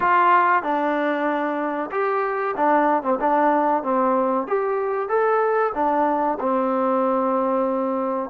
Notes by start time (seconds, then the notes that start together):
0.00 F4
0.62 D4
1.91 G4
2.56 D4
3.02 C4
3.20 D4
3.83 C4
4.47 G4
5.08 A4
5.74 D4
6.40 C4